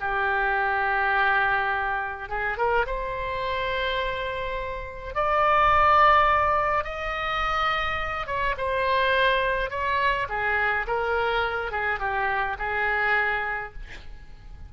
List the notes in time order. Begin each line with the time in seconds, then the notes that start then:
0.00 G4
2.29 G#4
2.57 A#4
2.86 C5
5.15 D5
6.84 D#5
8.26 C#5
8.57 C5
9.70 C#5
10.29 G#4
10.87 A#4
11.71 G#4
11.99 G4
12.58 G#4